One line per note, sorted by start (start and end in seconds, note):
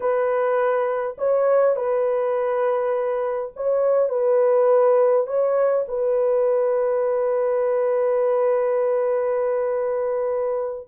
0.00 1.16 B4
1.18 1.76 C#5
1.76 3.52 B4
3.56 4.09 C#5
4.09 5.26 B4
5.26 5.85 C#5
5.88 10.88 B4